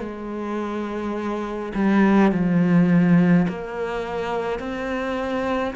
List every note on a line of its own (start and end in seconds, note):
0.00 1.73 G#3
1.75 2.32 G3
2.32 3.47 F3
3.49 4.59 A#3
4.59 5.75 C4